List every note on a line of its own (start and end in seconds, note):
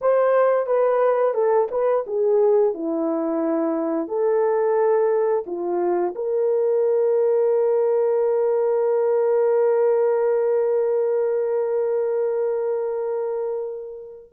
0.01 0.66 C5
0.66 1.34 B4
1.34 1.68 A4
1.71 2.05 B4
2.06 2.74 G#4
2.74 4.08 E4
4.08 5.44 A4
5.46 6.14 F4
6.15 14.32 A#4